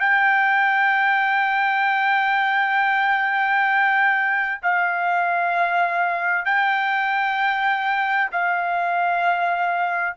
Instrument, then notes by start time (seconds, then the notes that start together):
trumpet
0.00 G5
4.63 F5
6.45 G5
8.32 F5